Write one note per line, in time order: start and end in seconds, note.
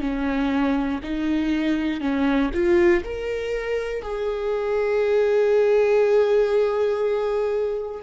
0.00 1.00 C#4
1.03 2.00 D#4
2.00 2.50 C#4
2.53 3.03 F4
3.04 4.02 A#4
4.02 8.02 G#4